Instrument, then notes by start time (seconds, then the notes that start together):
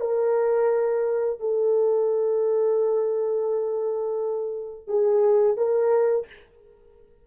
horn
0.00 A#4
1.40 A4
4.87 G#4
5.57 A#4